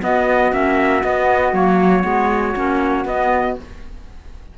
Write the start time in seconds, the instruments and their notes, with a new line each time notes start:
0.00 clarinet B3, cello B3, flute F#4, trumpet D#5
0.52 cello A#3, clarinet C#4, trumpet E5
1.04 cello B3, clarinet B3, trumpet D#5
1.53 cello F#3, clarinet A#3, trumpet C#5
2.03 cello G#3, clarinet B3
2.56 cello A#3, clarinet C#4
3.05 cello B3, clarinet B3, trumpet D#5